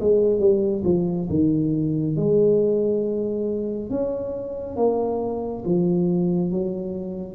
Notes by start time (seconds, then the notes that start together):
0.00 G#3
0.39 G3
0.84 F3
1.29 D#3
2.16 G#3
3.89 C#4
4.76 A#3
5.64 F3
6.51 F#3